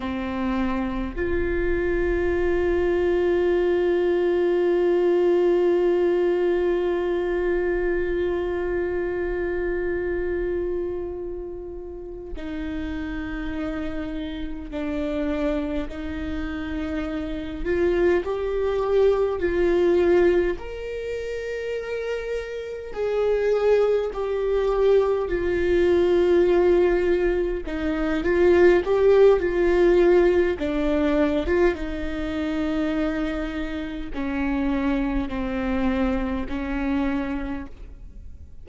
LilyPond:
\new Staff \with { instrumentName = "viola" } { \time 4/4 \tempo 4 = 51 c'4 f'2.~ | f'1~ | f'2~ f'8 dis'4.~ | dis'8 d'4 dis'4. f'8 g'8~ |
g'8 f'4 ais'2 gis'8~ | gis'8 g'4 f'2 dis'8 | f'8 g'8 f'4 d'8. f'16 dis'4~ | dis'4 cis'4 c'4 cis'4 | }